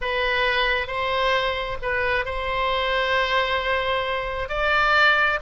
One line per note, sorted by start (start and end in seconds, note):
0.01 0.87 B4
0.87 1.77 C5
1.82 2.25 B4
2.25 4.49 C5
4.49 5.39 D5